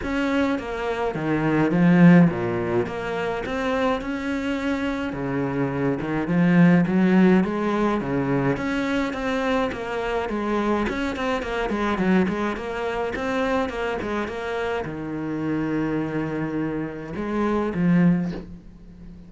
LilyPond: \new Staff \with { instrumentName = "cello" } { \time 4/4 \tempo 4 = 105 cis'4 ais4 dis4 f4 | ais,4 ais4 c'4 cis'4~ | cis'4 cis4. dis8 f4 | fis4 gis4 cis4 cis'4 |
c'4 ais4 gis4 cis'8 c'8 | ais8 gis8 fis8 gis8 ais4 c'4 | ais8 gis8 ais4 dis2~ | dis2 gis4 f4 | }